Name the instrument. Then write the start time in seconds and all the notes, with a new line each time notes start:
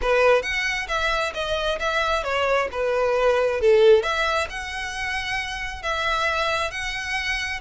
violin
0.01 B4
0.42 F#5
0.88 E5
1.34 D#5
1.79 E5
2.23 C#5
2.71 B4
3.60 A4
4.02 E5
4.49 F#5
5.82 E5
6.70 F#5